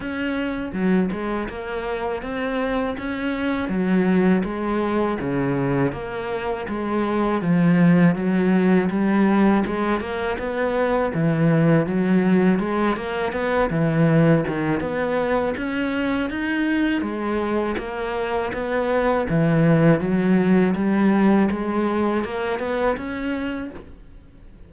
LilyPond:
\new Staff \with { instrumentName = "cello" } { \time 4/4 \tempo 4 = 81 cis'4 fis8 gis8 ais4 c'4 | cis'4 fis4 gis4 cis4 | ais4 gis4 f4 fis4 | g4 gis8 ais8 b4 e4 |
fis4 gis8 ais8 b8 e4 dis8 | b4 cis'4 dis'4 gis4 | ais4 b4 e4 fis4 | g4 gis4 ais8 b8 cis'4 | }